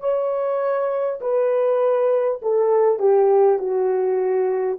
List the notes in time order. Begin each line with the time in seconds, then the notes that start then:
0.00 C#5
1.21 B4
2.42 A4
2.99 G4
3.59 F#4